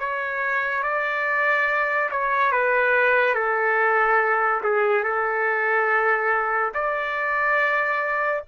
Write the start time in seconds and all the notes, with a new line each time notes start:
0.00 C#5
0.83 D5
2.12 C#5
2.52 B4
3.35 A4
4.64 G#4
5.04 A4
6.75 D5